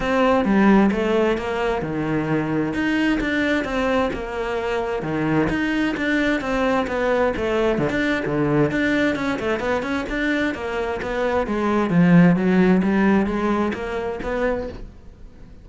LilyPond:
\new Staff \with { instrumentName = "cello" } { \time 4/4 \tempo 4 = 131 c'4 g4 a4 ais4 | dis2 dis'4 d'4 | c'4 ais2 dis4 | dis'4 d'4 c'4 b4 |
a4 d16 d'8. d4 d'4 | cis'8 a8 b8 cis'8 d'4 ais4 | b4 gis4 f4 fis4 | g4 gis4 ais4 b4 | }